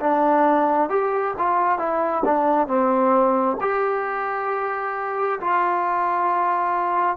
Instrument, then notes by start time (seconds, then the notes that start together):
trombone
0.00 D4
0.89 G4
1.38 F4
1.78 E4
2.25 D4
2.67 C4
3.61 G4
5.40 F4